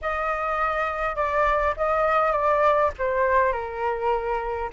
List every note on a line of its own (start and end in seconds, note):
0.01 1.15 D#5
1.15 1.74 D5
1.76 2.32 D#5
2.32 2.90 D5
2.98 3.52 C5
3.52 4.70 A#4